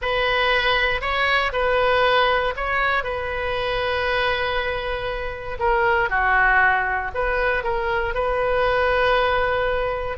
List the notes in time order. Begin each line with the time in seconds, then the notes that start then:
0.01 B4
1.01 C#5
1.52 B4
2.56 C#5
3.03 B4
5.59 A#4
6.09 F#4
7.14 B4
7.63 A#4
8.14 B4